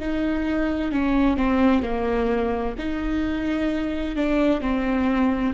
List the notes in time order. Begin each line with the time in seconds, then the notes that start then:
0.00 D#4
0.92 C#4
1.38 C4
1.83 A#3
2.79 D#4
4.16 D4
4.62 C4